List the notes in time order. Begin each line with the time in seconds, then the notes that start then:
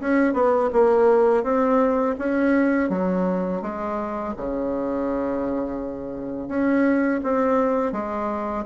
0.00 C#4
0.34 B3
0.73 A#3
1.43 C4
2.19 C#4
2.89 F#3
3.62 G#3
4.37 C#3
6.48 C#4
7.23 C4
7.92 G#3